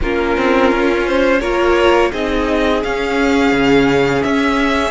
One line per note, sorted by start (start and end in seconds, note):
0.01 0.37 A#3
0.01 1.42 C#4
0.01 1.40 F4
0.01 1.06 A#4
0.37 0.72 C4
0.72 1.41 C#4
1.06 1.40 C5
1.40 2.12 A#3
1.40 2.12 F4
1.40 2.10 A#4
1.40 2.11 C#5
2.11 2.83 C4
2.11 2.83 D#4
2.11 4.91 G#4
2.11 2.83 D#5
2.83 4.91 C#4
2.83 3.52 C#4
2.83 4.22 F5
3.52 4.22 C#3
4.22 4.91 C#4
4.22 4.91 E5